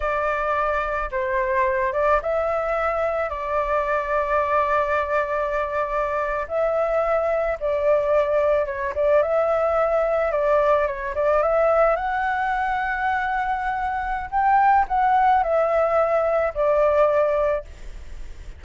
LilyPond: \new Staff \with { instrumentName = "flute" } { \time 4/4 \tempo 4 = 109 d''2 c''4. d''8 | e''2 d''2~ | d''2.~ d''8. e''16~ | e''4.~ e''16 d''2 cis''16~ |
cis''16 d''8 e''2 d''4 cis''16~ | cis''16 d''8 e''4 fis''2~ fis''16~ | fis''2 g''4 fis''4 | e''2 d''2 | }